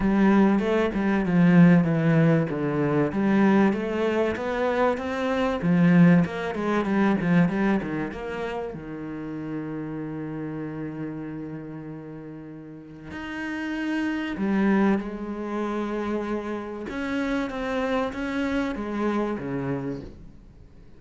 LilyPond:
\new Staff \with { instrumentName = "cello" } { \time 4/4 \tempo 4 = 96 g4 a8 g8 f4 e4 | d4 g4 a4 b4 | c'4 f4 ais8 gis8 g8 f8 | g8 dis8 ais4 dis2~ |
dis1~ | dis4 dis'2 g4 | gis2. cis'4 | c'4 cis'4 gis4 cis4 | }